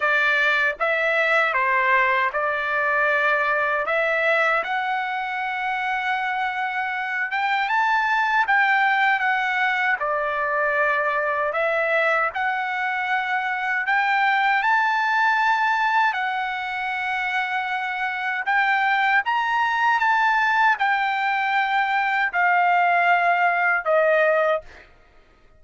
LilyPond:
\new Staff \with { instrumentName = "trumpet" } { \time 4/4 \tempo 4 = 78 d''4 e''4 c''4 d''4~ | d''4 e''4 fis''2~ | fis''4. g''8 a''4 g''4 | fis''4 d''2 e''4 |
fis''2 g''4 a''4~ | a''4 fis''2. | g''4 ais''4 a''4 g''4~ | g''4 f''2 dis''4 | }